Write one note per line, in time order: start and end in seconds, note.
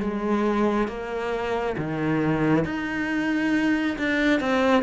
0.00 0.87 G#3
0.87 1.76 A#3
1.77 2.65 D#3
2.65 3.97 D#4
3.98 4.40 D4
4.40 4.83 C4